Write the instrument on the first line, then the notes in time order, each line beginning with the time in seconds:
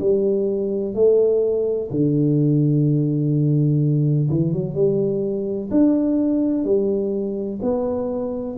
tuba
0.00 G3
0.94 A3
1.91 D3
4.29 E3
4.53 F#3
4.74 G3
5.71 D4
6.65 G3
7.62 B3